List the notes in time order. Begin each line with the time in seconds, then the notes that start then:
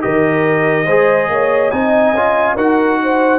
0.00 D#3 G4 A#4 D#5
0.85 G#3 G#4 C5
1.29 A#3 C#5
1.71 C4 D#4 D#5 G#5
2.13 C#4 F4
2.55 D#4 F#4 A#4 F#5
3.03 C5